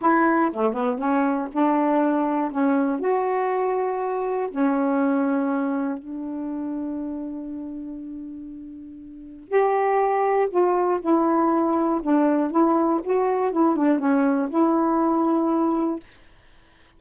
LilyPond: \new Staff \with { instrumentName = "saxophone" } { \time 4/4 \tempo 4 = 120 e'4 a8 b8 cis'4 d'4~ | d'4 cis'4 fis'2~ | fis'4 cis'2. | d'1~ |
d'2. g'4~ | g'4 f'4 e'2 | d'4 e'4 fis'4 e'8 d'8 | cis'4 e'2. | }